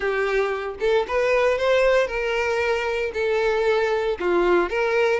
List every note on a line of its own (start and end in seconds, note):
0.00 0.75 G4
0.80 1.06 A4
1.07 1.58 B4
1.58 2.07 C5
2.07 3.11 A#4
3.13 4.17 A4
4.19 4.69 F4
4.69 5.19 A#4